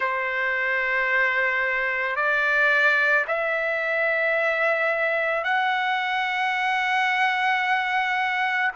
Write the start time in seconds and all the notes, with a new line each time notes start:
0.00 C5
2.16 D5
3.27 E5
5.43 F#5